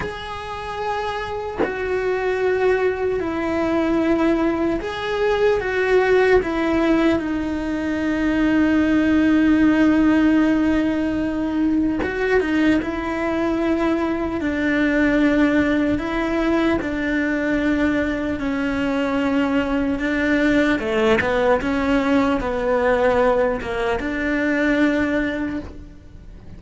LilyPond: \new Staff \with { instrumentName = "cello" } { \time 4/4 \tempo 4 = 75 gis'2 fis'2 | e'2 gis'4 fis'4 | e'4 dis'2.~ | dis'2. fis'8 dis'8 |
e'2 d'2 | e'4 d'2 cis'4~ | cis'4 d'4 a8 b8 cis'4 | b4. ais8 d'2 | }